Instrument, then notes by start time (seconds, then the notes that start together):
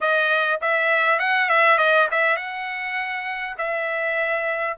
trumpet
0.01 D#5
0.61 E5
1.19 F#5
1.49 E5
1.78 D#5
2.11 E5
2.36 F#5
3.58 E5